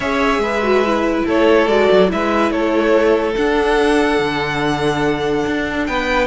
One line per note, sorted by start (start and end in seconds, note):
0.00 0.38 C#4
0.00 0.62 G#4
0.00 0.41 C#5
0.00 1.23 E5
0.38 1.22 G#3
0.38 1.25 B4
0.62 0.83 F#4
0.85 1.68 E4
1.25 1.67 A3
1.25 2.09 A4
1.25 1.68 C#5
1.67 1.88 G#3
1.67 2.08 F#4
1.67 2.10 D5
1.91 2.12 F#3
2.08 2.51 G#3
2.08 3.34 E4
2.08 2.52 B4
2.08 2.51 E5
2.51 3.35 A3
2.51 5.87 A4
2.51 3.35 C#5
3.35 4.19 D4
3.35 6.26 D4
3.35 5.85 F#5
4.19 5.44 D3
5.46 5.88 D4
5.85 6.26 B3
5.85 6.26 B4
5.85 6.26 G5